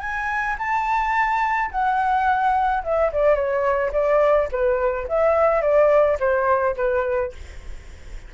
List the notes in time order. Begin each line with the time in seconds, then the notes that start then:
0.00 G#5
0.59 A5
1.71 F#5
2.84 E5
3.12 D5
3.35 C#5
3.93 D5
4.52 B4
5.09 E5
5.62 D5
6.20 C5
6.76 B4